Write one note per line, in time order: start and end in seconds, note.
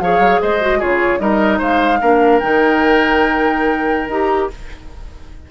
0.00 0.19 F3
0.00 0.61 G#4
0.00 0.41 C#5
0.00 0.40 F5
0.19 0.39 F#3
0.41 0.82 G#3
0.41 0.79 C5
0.41 0.82 D#5
0.61 0.81 F#4
0.79 1.19 C#3
0.79 1.19 F4
0.79 1.19 G#4
0.79 1.20 C#5
1.19 1.59 G3
1.19 1.99 D#4
1.19 1.59 A#4
1.19 1.60 D#5
1.59 2.01 G#3
1.59 1.99 C5
1.59 2.40 F5
2.01 2.41 A#3
2.01 2.41 D4
2.01 4.51 A#4
2.40 4.08 D#3
2.40 4.11 D#4
2.40 4.10 G5
4.08 4.48 D#4
4.08 4.51 G4
4.08 4.51 A#5